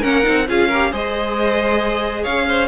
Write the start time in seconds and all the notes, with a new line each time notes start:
0.00 A#3 C#4 A#4 F#5
0.23 C4 D#4
0.48 C#4 F4 G#4 F5
0.68 G4 A#4
0.92 G#3 G#4 C5 D#5
2.23 C#4 C#5 F5
2.49 C5